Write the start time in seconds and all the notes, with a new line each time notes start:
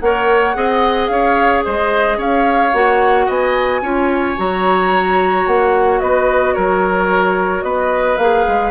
0.00 A#3 A#4 C#5 F#5
0.55 C4 G#4 D#5
1.07 C#4 C#5 F5
1.65 G#3 C5 D#5
2.18 C#4 C#5 F5
2.73 A#3 F#4 F#5
3.26 B3 D#5 G#5
3.82 C#4 F4 C#5
4.37 F#3 F#4 A#5
5.47 A#3 F#5
6.00 B3 B4 D#5
6.54 F#3 A#4 C#5
7.63 B3 B4 D#5
8.17 A#3 G#4 F5
8.48 G#3